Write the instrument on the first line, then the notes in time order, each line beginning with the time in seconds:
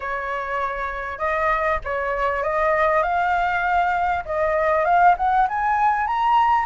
flute
0.00 C#5
1.18 D#5
1.84 C#5
2.43 D#5
3.02 F5
4.25 D#5
4.85 F5
5.17 F#5
5.48 G#5
6.06 A#5